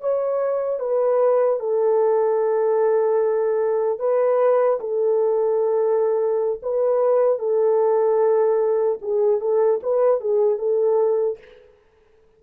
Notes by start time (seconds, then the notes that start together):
0.00 C#5
0.79 B4
1.59 A4
3.99 B4
4.80 A4
6.62 B4
7.39 A4
9.01 G#4
9.40 A4
9.83 B4
10.20 G#4
10.58 A4